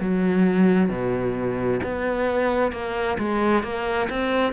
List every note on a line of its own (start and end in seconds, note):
0.00 0.89 F#3
0.89 1.80 B2
1.83 2.72 B3
2.72 3.18 A#3
3.18 3.63 G#3
3.63 4.09 A#3
4.10 4.53 C4